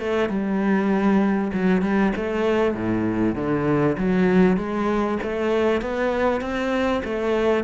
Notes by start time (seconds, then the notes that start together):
0.00 A3
0.29 G3
1.54 F#3
1.82 G3
2.17 A3
2.75 A2
3.36 D3
3.98 F#3
4.57 G#3
5.23 A3
5.82 B3
6.41 C4
7.05 A3